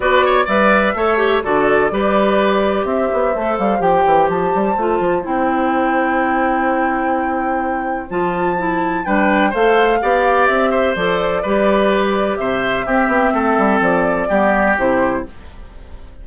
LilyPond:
<<
  \new Staff \with { instrumentName = "flute" } { \time 4/4 \tempo 4 = 126 d''4 e''2 d''4~ | d''2 e''4. f''8 | g''4 a''2 g''4~ | g''1~ |
g''4 a''2 g''4 | f''2 e''4 d''4~ | d''2 e''2~ | e''4 d''2 c''4 | }
  \new Staff \with { instrumentName = "oboe" } { \time 4/4 b'8 cis''8 d''4 cis''4 a'4 | b'2 c''2~ | c''1~ | c''1~ |
c''2. b'4 | c''4 d''4. c''4. | b'2 c''4 g'4 | a'2 g'2 | }
  \new Staff \with { instrumentName = "clarinet" } { \time 4/4 fis'4 b'4 a'8 g'8 fis'4 | g'2. a'4 | g'2 f'4 e'4~ | e'1~ |
e'4 f'4 e'4 d'4 | a'4 g'2 a'4 | g'2. c'4~ | c'2 b4 e'4 | }
  \new Staff \with { instrumentName = "bassoon" } { \time 4/4 b4 g4 a4 d4 | g2 c'8 b8 a8 g8 | f8 e8 f8 g8 a8 f8 c'4~ | c'1~ |
c'4 f2 g4 | a4 b4 c'4 f4 | g2 c4 c'8 b8 | a8 g8 f4 g4 c4 | }
>>